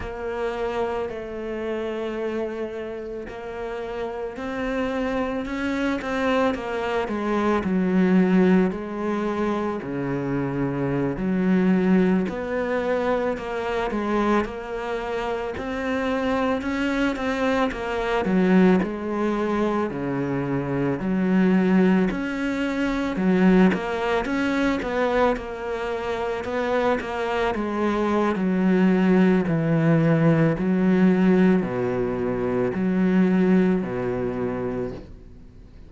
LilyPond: \new Staff \with { instrumentName = "cello" } { \time 4/4 \tempo 4 = 55 ais4 a2 ais4 | c'4 cis'8 c'8 ais8 gis8 fis4 | gis4 cis4~ cis16 fis4 b8.~ | b16 ais8 gis8 ais4 c'4 cis'8 c'16~ |
c'16 ais8 fis8 gis4 cis4 fis8.~ | fis16 cis'4 fis8 ais8 cis'8 b8 ais8.~ | ais16 b8 ais8 gis8. fis4 e4 | fis4 b,4 fis4 b,4 | }